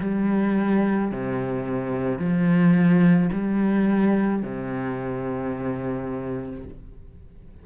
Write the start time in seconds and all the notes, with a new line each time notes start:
0.00 G3
1.11 C3
2.18 F3
3.32 G3
4.42 C3